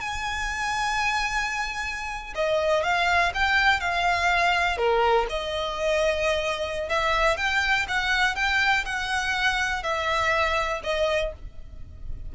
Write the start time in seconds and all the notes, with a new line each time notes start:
0.00 G#5
2.35 D#5
2.83 F5
3.34 G5
3.80 F5
4.77 A#4
5.29 D#5
6.89 E5
7.37 G5
7.88 F#5
8.35 G5
8.85 F#5
9.83 E5
10.83 D#5